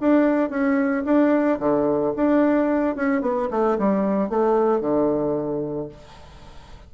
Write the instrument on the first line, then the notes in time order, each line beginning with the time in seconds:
bassoon
0.00 D4
0.50 C#4
1.05 D4
1.59 D3
2.16 D4
2.96 C#4
3.21 B3
3.50 A3
3.78 G3
4.29 A3
4.80 D3